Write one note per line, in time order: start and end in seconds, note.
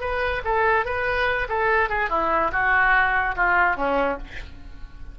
0.00 0.42 B4
0.44 0.85 A4
0.85 1.47 B4
1.48 1.89 A4
1.89 2.09 G#4
2.09 2.51 E4
2.52 3.35 F#4
3.36 3.76 F4
3.76 4.18 C#4